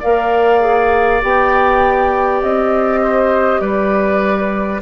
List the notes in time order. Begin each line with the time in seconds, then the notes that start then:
0.00 A#3 A#4 D5 F5
0.60 G#4
1.22 B3 G4 G5
2.42 C4 D#5
3.02 C5
3.60 G3 B4 D5